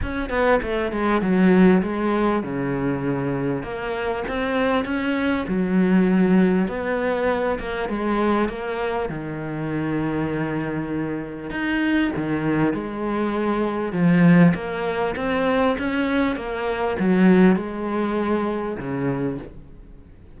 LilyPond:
\new Staff \with { instrumentName = "cello" } { \time 4/4 \tempo 4 = 99 cis'8 b8 a8 gis8 fis4 gis4 | cis2 ais4 c'4 | cis'4 fis2 b4~ | b8 ais8 gis4 ais4 dis4~ |
dis2. dis'4 | dis4 gis2 f4 | ais4 c'4 cis'4 ais4 | fis4 gis2 cis4 | }